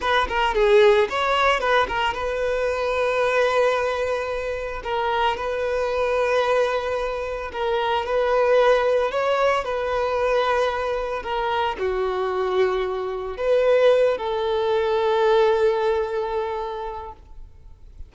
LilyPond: \new Staff \with { instrumentName = "violin" } { \time 4/4 \tempo 4 = 112 b'8 ais'8 gis'4 cis''4 b'8 ais'8 | b'1~ | b'4 ais'4 b'2~ | b'2 ais'4 b'4~ |
b'4 cis''4 b'2~ | b'4 ais'4 fis'2~ | fis'4 b'4. a'4.~ | a'1 | }